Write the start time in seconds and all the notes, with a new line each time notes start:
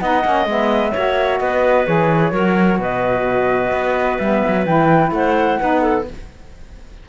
0.00 B3 D#4 D#5 F#5
0.24 A#3 C#4
0.46 G#3 B3 E5
0.92 A#3 F#4 C#5
1.40 B3 B4 D#5
1.86 E3 G#4 C#5
2.32 F#3 F#4 A#4
2.79 B2 B4 D#5
3.72 B3
4.19 G3 B3 E5
4.48 F#3
4.66 E3 E4 G5
5.11 A3 C5 F#5
5.60 B3 D#4 B4
5.82 A4